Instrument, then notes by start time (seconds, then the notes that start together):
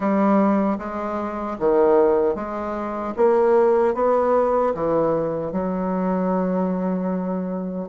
bassoon
0.00 G3
0.78 G#3
1.59 D#3
2.35 G#3
3.16 A#3
3.94 B3
4.74 E3
5.52 F#3